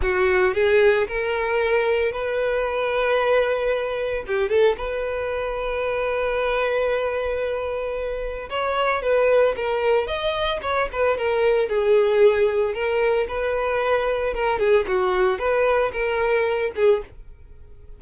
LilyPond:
\new Staff \with { instrumentName = "violin" } { \time 4/4 \tempo 4 = 113 fis'4 gis'4 ais'2 | b'1 | g'8 a'8 b'2.~ | b'1 |
cis''4 b'4 ais'4 dis''4 | cis''8 b'8 ais'4 gis'2 | ais'4 b'2 ais'8 gis'8 | fis'4 b'4 ais'4. gis'8 | }